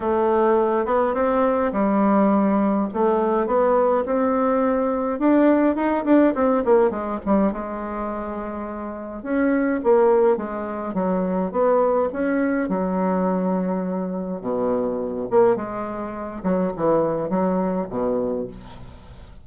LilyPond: \new Staff \with { instrumentName = "bassoon" } { \time 4/4 \tempo 4 = 104 a4. b8 c'4 g4~ | g4 a4 b4 c'4~ | c'4 d'4 dis'8 d'8 c'8 ais8 | gis8 g8 gis2. |
cis'4 ais4 gis4 fis4 | b4 cis'4 fis2~ | fis4 b,4. ais8 gis4~ | gis8 fis8 e4 fis4 b,4 | }